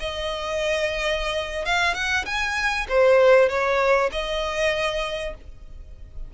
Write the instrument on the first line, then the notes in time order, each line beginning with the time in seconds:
violin
0.00 D#5
1.65 F5
1.94 F#5
2.25 G#5
2.89 C5
3.49 C#5
4.12 D#5